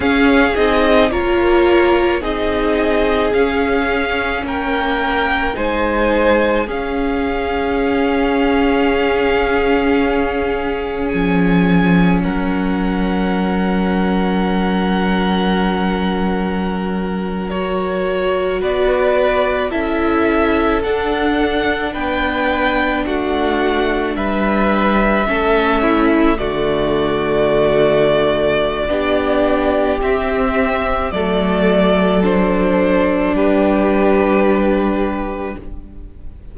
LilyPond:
<<
  \new Staff \with { instrumentName = "violin" } { \time 4/4 \tempo 4 = 54 f''8 dis''8 cis''4 dis''4 f''4 | g''4 gis''4 f''2~ | f''2 gis''4 fis''4~ | fis''2.~ fis''8. cis''16~ |
cis''8. d''4 e''4 fis''4 g''16~ | g''8. fis''4 e''2 d''16~ | d''2. e''4 | d''4 c''4 b'2 | }
  \new Staff \with { instrumentName = "violin" } { \time 4/4 gis'4 ais'4 gis'2 | ais'4 c''4 gis'2~ | gis'2. ais'4~ | ais'1~ |
ais'8. b'4 a'2 b'16~ | b'8. fis'4 b'4 a'8 e'8 fis'16~ | fis'2 g'2 | a'2 g'2 | }
  \new Staff \with { instrumentName = "viola" } { \time 4/4 cis'8 dis'8 f'4 dis'4 cis'4~ | cis'4 dis'4 cis'2~ | cis'1~ | cis'2.~ cis'8. fis'16~ |
fis'4.~ fis'16 e'4 d'4~ d'16~ | d'2~ d'8. cis'4 a16~ | a2 d'4 c'4 | a4 d'2. | }
  \new Staff \with { instrumentName = "cello" } { \time 4/4 cis'8 c'8 ais4 c'4 cis'4 | ais4 gis4 cis'2~ | cis'2 f4 fis4~ | fis1~ |
fis8. b4 cis'4 d'4 b16~ | b8. a4 g4 a4 d16~ | d2 b4 c'4 | fis2 g2 | }
>>